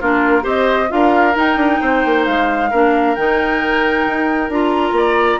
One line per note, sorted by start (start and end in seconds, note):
0.00 0.44 A#3
0.00 0.42 D4
0.00 0.43 F4
0.00 0.45 A#4
0.42 0.90 C4
0.42 0.87 G4
0.42 0.88 C5
0.42 0.91 D#5
0.89 1.36 D4
0.89 1.34 F4
0.89 1.80 A#4
0.89 1.36 F5
1.34 2.69 D#4
1.34 1.56 D#4
1.34 2.25 G5
1.56 1.78 D4
1.80 2.04 C4
1.80 2.70 C5
2.05 2.27 A#3
2.25 2.72 G#3
2.25 3.15 F5
2.70 3.17 A#3
2.70 3.17 D4
2.70 4.95 A#4
3.15 4.07 D#3
3.15 4.51 D#4
3.15 4.50 G5
4.07 4.49 D#4
4.49 4.91 D4
4.49 5.40 F4
4.49 5.40 A#5
4.91 5.37 A#3
4.91 5.40 D5